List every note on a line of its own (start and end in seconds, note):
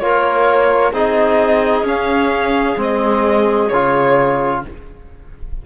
0.00 0.93 A#3
0.00 0.93 F4
0.00 0.93 A#4
0.00 0.92 C#5
0.93 1.83 C4
0.93 1.86 D#4
0.93 4.62 G#4
0.93 1.87 D#5
1.83 2.75 C#4
1.83 2.77 C#4
1.83 2.80 F5
2.77 3.69 G#3
2.77 3.70 C4
2.77 3.69 D#5
3.69 4.64 C#3
3.69 4.66 F4
3.69 4.61 C#5